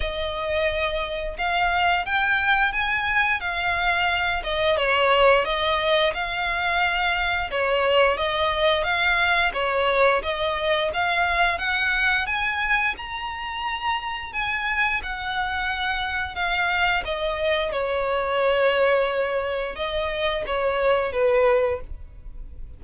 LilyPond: \new Staff \with { instrumentName = "violin" } { \time 4/4 \tempo 4 = 88 dis''2 f''4 g''4 | gis''4 f''4. dis''8 cis''4 | dis''4 f''2 cis''4 | dis''4 f''4 cis''4 dis''4 |
f''4 fis''4 gis''4 ais''4~ | ais''4 gis''4 fis''2 | f''4 dis''4 cis''2~ | cis''4 dis''4 cis''4 b'4 | }